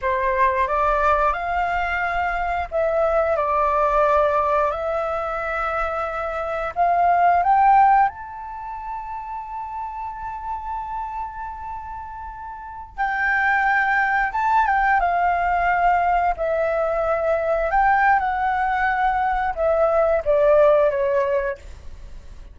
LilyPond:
\new Staff \with { instrumentName = "flute" } { \time 4/4 \tempo 4 = 89 c''4 d''4 f''2 | e''4 d''2 e''4~ | e''2 f''4 g''4 | a''1~ |
a''2.~ a''16 g''8.~ | g''4~ g''16 a''8 g''8 f''4.~ f''16~ | f''16 e''2 g''8. fis''4~ | fis''4 e''4 d''4 cis''4 | }